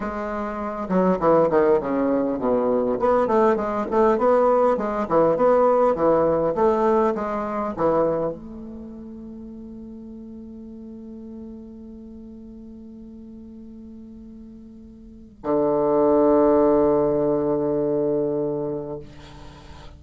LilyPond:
\new Staff \with { instrumentName = "bassoon" } { \time 4/4 \tempo 4 = 101 gis4. fis8 e8 dis8 cis4 | b,4 b8 a8 gis8 a8 b4 | gis8 e8 b4 e4 a4 | gis4 e4 a2~ |
a1~ | a1~ | a2 d2~ | d1 | }